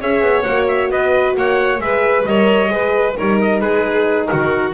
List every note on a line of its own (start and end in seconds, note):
0.00 0.21 C#4
0.00 0.45 G#4
0.00 0.91 C#5
0.00 0.42 E5
0.21 0.43 B3
0.42 0.90 A#3
0.42 1.79 F#4
0.42 0.65 F#5
0.68 0.90 E5
0.90 1.35 B3
0.90 1.36 B4
0.90 1.36 D#5
1.36 1.78 A#3
1.36 1.82 C#5
1.36 1.80 F#5
1.78 2.23 G#3
1.78 2.24 G#4
1.78 2.28 B4
1.78 2.25 E5
2.25 2.69 G3
2.25 2.68 A#4
2.25 2.72 C#5
2.25 3.15 D#5
2.68 3.14 G#3
2.68 3.13 G#4
2.68 3.17 B4
3.17 3.61 G3
3.17 4.73 D#4
3.17 3.61 A#4
3.17 3.40 C#5
3.41 3.60 D#5
3.60 4.29 G#3
3.60 4.28 G#4
3.60 4.27 B4
4.27 4.73 D#3
4.27 4.73 F#4
4.27 4.72 A#4